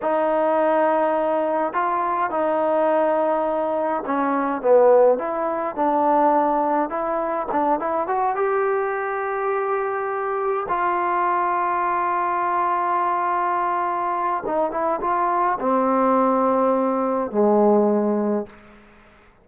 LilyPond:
\new Staff \with { instrumentName = "trombone" } { \time 4/4 \tempo 4 = 104 dis'2. f'4 | dis'2. cis'4 | b4 e'4 d'2 | e'4 d'8 e'8 fis'8 g'4.~ |
g'2~ g'8 f'4.~ | f'1~ | f'4 dis'8 e'8 f'4 c'4~ | c'2 gis2 | }